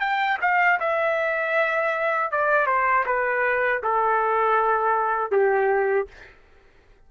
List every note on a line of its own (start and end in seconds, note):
0.00 0.38 G5
0.41 0.79 F5
0.80 2.32 E5
2.32 2.67 D5
2.67 3.05 C5
3.06 3.82 B4
3.83 5.32 A4
5.32 6.08 G4